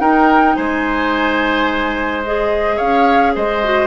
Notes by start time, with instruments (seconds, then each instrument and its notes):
0.00 bassoon D#4, clarinet D#4, oboe A#4, flute G5
0.55 bassoon G#3, oboe C5, flute G#5
2.24 clarinet G#4, flute D#5
2.76 bassoon C#4, oboe C#5, flute F5
3.35 bassoon G#3, oboe C5, flute D#5
3.64 clarinet F#4